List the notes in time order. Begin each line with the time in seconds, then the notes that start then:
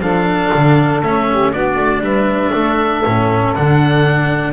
0.00 F3 D4 A4 F5
0.55 D3
1.03 A3 C#4 E5
1.30 G4
1.52 B3 D4 F#4 D5
1.76 A3
2.01 G3 B4 E5
2.55 A3 A4
3.05 A2 C#4
3.56 D3 D4 F#5